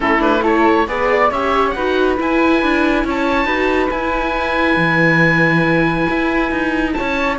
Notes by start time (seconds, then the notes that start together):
0.00 A3 C#4 E4 A4
0.18 D4 B4
0.42 E4 A4 C#5
0.87 B3 G#4 B4 D5
1.10 D5
1.30 C#4 G4 C#5 E5
1.70 D#4 B4 F#5
1.77 F#4
2.17 E4 G#5
2.62 D4
3.04 C#4 C#5 A5
3.45 D#4 F#4 B4
3.90 E4 G#5
4.76 E3
6.10 E4
6.51 D#4
6.93 C#5 A5
7.00 C#4